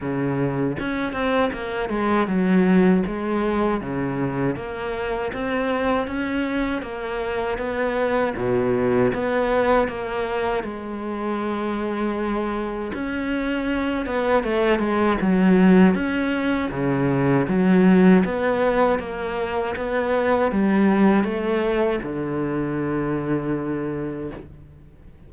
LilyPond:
\new Staff \with { instrumentName = "cello" } { \time 4/4 \tempo 4 = 79 cis4 cis'8 c'8 ais8 gis8 fis4 | gis4 cis4 ais4 c'4 | cis'4 ais4 b4 b,4 | b4 ais4 gis2~ |
gis4 cis'4. b8 a8 gis8 | fis4 cis'4 cis4 fis4 | b4 ais4 b4 g4 | a4 d2. | }